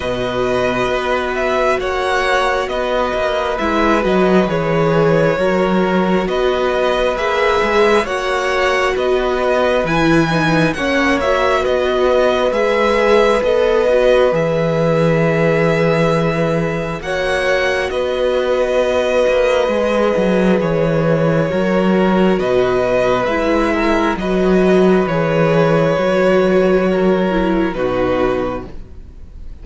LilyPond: <<
  \new Staff \with { instrumentName = "violin" } { \time 4/4 \tempo 4 = 67 dis''4. e''8 fis''4 dis''4 | e''8 dis''8 cis''2 dis''4 | e''4 fis''4 dis''4 gis''4 | fis''8 e''8 dis''4 e''4 dis''4 |
e''2. fis''4 | dis''2. cis''4~ | cis''4 dis''4 e''4 dis''4 | cis''2. b'4 | }
  \new Staff \with { instrumentName = "violin" } { \time 4/4 b'2 cis''4 b'4~ | b'2 ais'4 b'4~ | b'4 cis''4 b'2 | cis''4 b'2.~ |
b'2. cis''4 | b'1 | ais'4 b'4. ais'8 b'4~ | b'2 ais'4 fis'4 | }
  \new Staff \with { instrumentName = "viola" } { \time 4/4 fis'1 | e'8 fis'8 gis'4 fis'2 | gis'4 fis'2 e'8 dis'8 | cis'8 fis'4. gis'4 a'8 fis'8 |
gis'2. fis'4~ | fis'2 gis'2 | fis'2 e'4 fis'4 | gis'4 fis'4. e'8 dis'4 | }
  \new Staff \with { instrumentName = "cello" } { \time 4/4 b,4 b4 ais4 b8 ais8 | gis8 fis8 e4 fis4 b4 | ais8 gis8 ais4 b4 e4 | ais4 b4 gis4 b4 |
e2. ais4 | b4. ais8 gis8 fis8 e4 | fis4 b,4 gis4 fis4 | e4 fis2 b,4 | }
>>